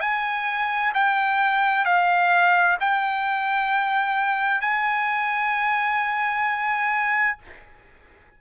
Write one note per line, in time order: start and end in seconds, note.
0.00 0.92 G#5
0.94 1.85 G5
1.85 2.77 F5
2.80 4.61 G5
4.61 7.38 G#5